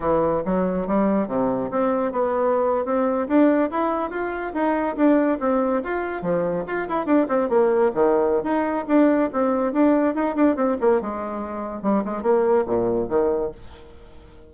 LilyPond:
\new Staff \with { instrumentName = "bassoon" } { \time 4/4 \tempo 4 = 142 e4 fis4 g4 c4 | c'4 b4.~ b16 c'4 d'16~ | d'8. e'4 f'4 dis'4 d'16~ | d'8. c'4 f'4 f4 f'16~ |
f'16 e'8 d'8 c'8 ais4 dis4~ dis16 | dis'4 d'4 c'4 d'4 | dis'8 d'8 c'8 ais8 gis2 | g8 gis8 ais4 ais,4 dis4 | }